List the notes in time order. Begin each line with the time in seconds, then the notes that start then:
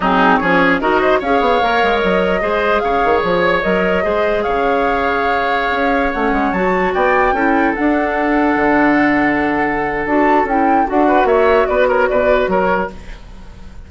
0.00 F#3 C4 D#4 G#4
0.36 F3 C#4 G#4 C#5
0.80 D#4 F#4 A#4 D#5
1.01 C5
1.19 C#4 G#4 C#5 F5
1.40 B3
1.62 A#3 A#4
1.82 G#3
1.99 F#3 D#5
2.41 G#3 G#4 C5
2.79 C#3 C#5 F5
3.04 D#3
3.23 F3 C#5
3.61 F#3 A#4 D#5
4.02 G#3 G#4 C5
4.42 C#3 C#5 F5
5.70 C#4
6.12 A3 C#4 F#5
6.32 G#3
6.52 F#3 F#4 A5
6.93 B3 D5 G5
7.32 C#4 E4 A4
7.75 D4 F#5
8.56 D3
10.05 D4 F#4 A5
10.44 C#4 E4 G5
10.86 D4 F#4 F#5
11.07 B4
11.24 A#3 C#5 E5
11.66 B3 B4 D5
11.88 A#4 C#5
12.08 B2 B4 D5
12.47 F#3 A#4 C#5